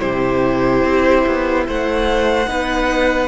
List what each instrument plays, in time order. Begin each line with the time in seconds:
0.00 cello C3, viola E4, violin G4 C5
0.84 cello C4
1.27 cello B3
1.67 cello A3, violin C5 F#5
2.48 cello B3, viola D#4, violin B4